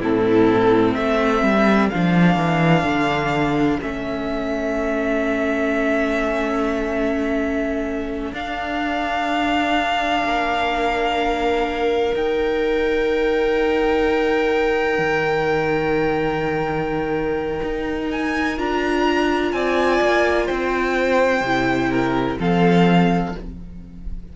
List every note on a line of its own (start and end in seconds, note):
0.00 0.96 A2
0.00 1.93 C4
0.00 0.95 E4
0.00 0.95 A4
0.95 1.43 A3
0.95 10.24 A4
0.95 1.90 E5
1.43 1.90 G3
1.90 2.37 F3
1.90 3.81 D4
1.90 3.80 F5
2.37 2.84 E3
2.84 3.79 D3
3.81 8.32 A3
3.81 8.34 C#4
3.81 8.34 E5
8.32 10.23 D4
8.32 12.14 D4
8.32 12.15 F5
10.24 12.14 A#3
10.24 19.55 A#4
12.14 18.57 D#4
12.14 14.99 D#4
12.14 18.12 G5
14.99 17.61 D#3
17.63 18.59 D#4
18.12 18.59 G#5
18.57 19.53 D4
18.57 21.43 F4
18.57 19.53 A#5
19.53 20.01 C4
19.53 20.46 D5
19.53 20.47 G#5
20.02 20.49 A#3
20.46 21.41 C4
20.46 21.89 C5
20.46 22.38 G5
21.41 22.37 C3
21.41 22.39 E4
21.91 22.39 A#4
22.39 23.35 F3
22.39 23.34 C4
22.39 23.35 A4
22.39 23.36 F5